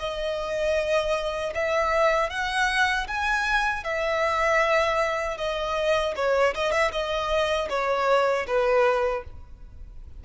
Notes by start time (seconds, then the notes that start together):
0.00 D#5
1.55 E5
2.30 F#5
3.08 G#5
3.84 E5
5.38 D#5
6.16 C#5
6.55 D#5
6.72 E5
6.92 D#5
7.70 C#5
8.48 B4